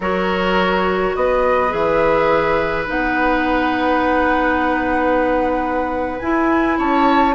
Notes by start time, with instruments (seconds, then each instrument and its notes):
0.00 bassoon F#3, clarinet F#4, oboe A#4, flute C#5
1.15 bassoon B3, oboe B4, flute D#5
1.69 bassoon E3, clarinet G#4, flute E5
2.86 bassoon B3, clarinet D#4, flute F#5
6.19 bassoon E4, clarinet E4, flute G#5
6.78 bassoon C#4, oboe C#5, flute A5